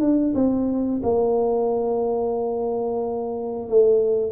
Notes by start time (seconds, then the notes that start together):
0.00 D4
0.34 C4
1.02 A#3
3.68 A3